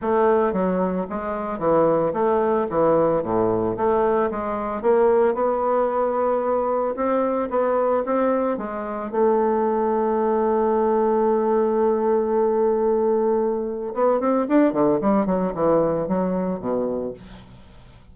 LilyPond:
\new Staff \with { instrumentName = "bassoon" } { \time 4/4 \tempo 4 = 112 a4 fis4 gis4 e4 | a4 e4 a,4 a4 | gis4 ais4 b2~ | b4 c'4 b4 c'4 |
gis4 a2.~ | a1~ | a2 b8 c'8 d'8 d8 | g8 fis8 e4 fis4 b,4 | }